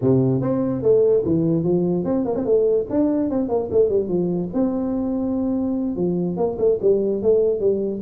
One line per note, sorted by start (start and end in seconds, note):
0.01 0.41 C3
0.41 0.82 C4
0.82 1.23 A3
1.25 1.63 E3
1.63 2.04 F3
2.04 2.25 C4
2.25 2.35 A#3
2.35 2.45 C4
2.45 2.86 A3
2.90 3.30 D4
3.30 3.49 C4
3.49 3.69 A#3
3.71 3.89 A3
3.89 4.08 G3
4.08 4.49 F3
4.53 5.96 C4
5.96 6.36 F3
6.36 6.57 A#3
6.58 6.79 A3
6.81 7.22 G3
7.22 7.60 A3
7.60 8.01 G3